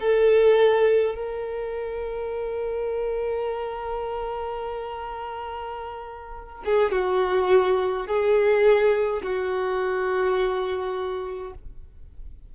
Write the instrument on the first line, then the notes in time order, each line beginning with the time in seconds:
violin
0.00 A4
1.15 A#4
6.65 G#4
6.92 F#4
8.07 G#4
9.23 F#4